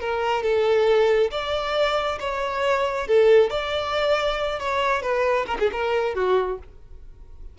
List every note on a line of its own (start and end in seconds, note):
0.00 0.43 A#4
0.43 1.30 A4
1.31 2.18 D5
2.20 3.07 C#5
3.07 3.50 A4
3.50 4.59 D5
4.59 5.02 C#5
5.02 5.46 B4
5.46 5.57 A#4
5.59 5.70 G#4
5.72 6.15 A#4
6.15 6.59 F#4